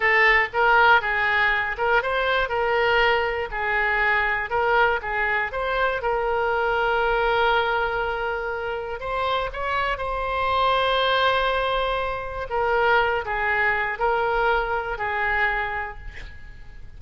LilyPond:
\new Staff \with { instrumentName = "oboe" } { \time 4/4 \tempo 4 = 120 a'4 ais'4 gis'4. ais'8 | c''4 ais'2 gis'4~ | gis'4 ais'4 gis'4 c''4 | ais'1~ |
ais'2 c''4 cis''4 | c''1~ | c''4 ais'4. gis'4. | ais'2 gis'2 | }